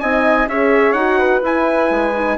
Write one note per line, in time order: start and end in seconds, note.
0.00 0.47 C4
0.00 0.49 D#4
0.00 0.48 D#5
0.00 0.47 G#5
0.47 0.93 C#4
0.47 0.97 G#4
0.47 1.19 C#5
0.47 0.93 E5
0.93 1.41 D#4
0.93 1.42 F#4
0.93 1.40 F#5
1.19 2.37 B4
1.42 2.13 E4
1.42 1.90 E4
1.42 2.37 G#5
1.90 2.37 G#3
2.15 2.37 D#4